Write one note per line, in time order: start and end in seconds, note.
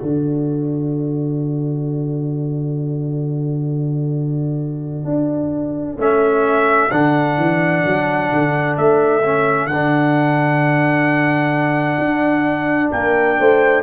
0.00 5.04 D3
0.00 5.98 F#4
0.00 12.91 A4
0.00 6.00 D5
5.04 5.97 D4
5.98 6.90 A3
5.98 6.90 C#4
5.98 6.91 E5
6.91 7.37 D3
6.91 9.22 D4
6.91 8.76 F#5
7.37 7.83 E3
7.85 8.32 F#3
8.32 8.77 D3
8.77 9.67 A3
8.77 9.67 E5
9.23 9.69 C#4
9.67 11.98 D3
9.67 13.83 D4
9.67 12.90 F#5
11.99 12.91 D4
12.91 13.38 A#3
12.91 13.37 A#4
12.91 13.83 G5
13.40 13.83 A3
13.40 13.83 C5